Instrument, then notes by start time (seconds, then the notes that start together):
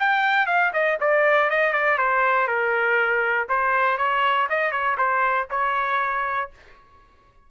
trumpet
0.00 G5
0.47 F5
0.74 D#5
1.01 D5
1.50 D#5
1.73 D5
1.98 C5
2.48 A#4
3.49 C5
3.98 C#5
4.50 D#5
4.72 C#5
4.98 C5
5.51 C#5